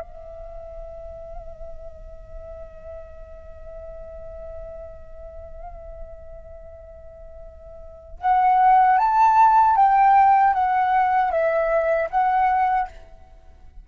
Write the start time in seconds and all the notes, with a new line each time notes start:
0.00 E5
8.20 F#5
8.98 A5
9.76 G5
10.53 F#5
11.31 E5
12.10 F#5